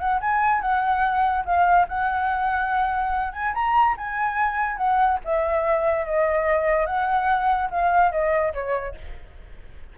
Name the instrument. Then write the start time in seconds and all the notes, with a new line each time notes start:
flute
0.00 F#5
0.21 G#5
0.61 F#5
1.45 F5
1.89 F#5
3.33 G#5
3.54 A#5
3.98 G#5
4.77 F#5
5.25 E5
6.06 D#5
6.86 F#5
7.71 F5
8.12 D#5
8.54 C#5